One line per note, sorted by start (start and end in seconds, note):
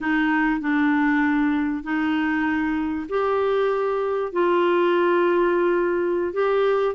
0.00 0.60 D#4
0.60 1.83 D4
1.83 3.07 D#4
3.08 4.32 G4
4.32 6.33 F4
6.33 6.94 G4